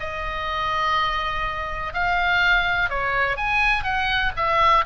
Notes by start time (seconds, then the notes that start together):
0.00 D#5
1.94 F5
2.90 C#5
3.37 G#5
3.84 F#5
4.37 E5